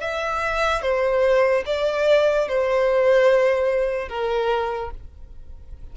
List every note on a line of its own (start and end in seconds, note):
0.00 0.82 E5
0.82 1.64 C5
1.66 2.48 D5
2.48 4.08 C5
4.08 4.91 A#4